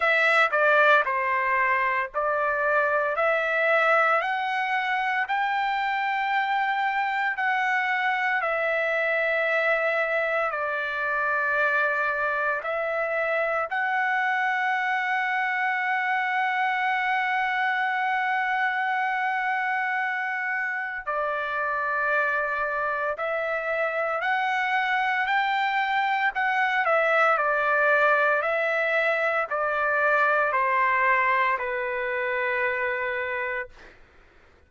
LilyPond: \new Staff \with { instrumentName = "trumpet" } { \time 4/4 \tempo 4 = 57 e''8 d''8 c''4 d''4 e''4 | fis''4 g''2 fis''4 | e''2 d''2 | e''4 fis''2.~ |
fis''1 | d''2 e''4 fis''4 | g''4 fis''8 e''8 d''4 e''4 | d''4 c''4 b'2 | }